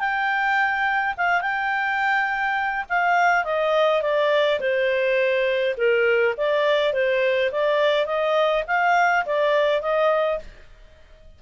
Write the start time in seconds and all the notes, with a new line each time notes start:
0.00 G5
1.18 F5
1.42 G5
2.90 F5
3.45 D#5
4.03 D5
4.60 C5
5.78 A#4
6.37 D5
6.93 C5
7.52 D5
8.07 D#5
8.68 F5
9.26 D5
9.82 D#5